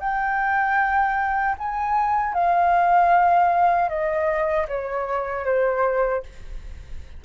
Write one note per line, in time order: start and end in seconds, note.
0.00 1.56 G5
1.58 2.34 G#5
2.34 3.89 F5
3.89 4.67 D#5
4.69 5.45 C#5
5.45 6.23 C5